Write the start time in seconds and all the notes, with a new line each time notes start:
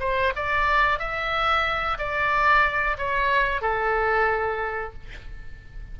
0.00 C5
0.36 D5
0.99 E5
1.98 D5
2.98 C#5
3.62 A4